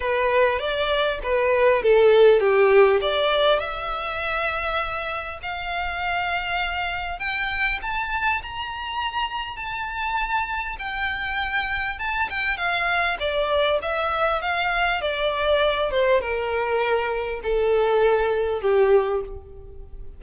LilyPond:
\new Staff \with { instrumentName = "violin" } { \time 4/4 \tempo 4 = 100 b'4 d''4 b'4 a'4 | g'4 d''4 e''2~ | e''4 f''2. | g''4 a''4 ais''2 |
a''2 g''2 | a''8 g''8 f''4 d''4 e''4 | f''4 d''4. c''8 ais'4~ | ais'4 a'2 g'4 | }